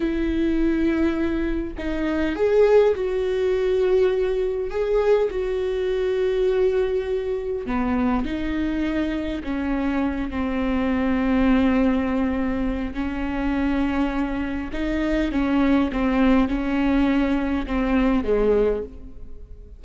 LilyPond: \new Staff \with { instrumentName = "viola" } { \time 4/4 \tempo 4 = 102 e'2. dis'4 | gis'4 fis'2. | gis'4 fis'2.~ | fis'4 b4 dis'2 |
cis'4. c'2~ c'8~ | c'2 cis'2~ | cis'4 dis'4 cis'4 c'4 | cis'2 c'4 gis4 | }